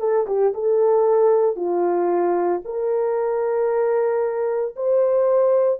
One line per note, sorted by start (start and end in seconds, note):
0.00 0.26 A4
0.27 0.54 G4
0.55 1.56 A4
1.56 2.61 F4
2.65 4.76 A#4
4.77 5.80 C5